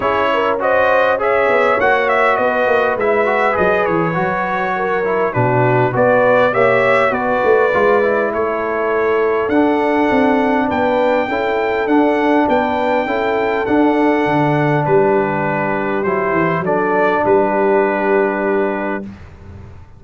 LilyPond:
<<
  \new Staff \with { instrumentName = "trumpet" } { \time 4/4 \tempo 4 = 101 cis''4 dis''4 e''4 fis''8 e''8 | dis''4 e''4 dis''8 cis''4.~ | cis''4 b'4 d''4 e''4 | d''2 cis''2 |
fis''2 g''2 | fis''4 g''2 fis''4~ | fis''4 b'2 c''4 | d''4 b'2. | }
  \new Staff \with { instrumentName = "horn" } { \time 4/4 gis'8 ais'8 c''4 cis''2 | b'1 | ais'4 fis'4 b'4 cis''4 | b'2 a'2~ |
a'2 b'4 a'4~ | a'4 b'4 a'2~ | a'4 g'2. | a'4 g'2. | }
  \new Staff \with { instrumentName = "trombone" } { \time 4/4 e'4 fis'4 gis'4 fis'4~ | fis'4 e'8 fis'8 gis'4 fis'4~ | fis'8 e'8 d'4 fis'4 g'4 | fis'4 f'8 e'2~ e'8 |
d'2. e'4 | d'2 e'4 d'4~ | d'2. e'4 | d'1 | }
  \new Staff \with { instrumentName = "tuba" } { \time 4/4 cis'2~ cis'8 b8 ais4 | b8 ais8 gis4 fis8 e8 fis4~ | fis4 b,4 b4 ais4 | b8 a8 gis4 a2 |
d'4 c'4 b4 cis'4 | d'4 b4 cis'4 d'4 | d4 g2 fis8 e8 | fis4 g2. | }
>>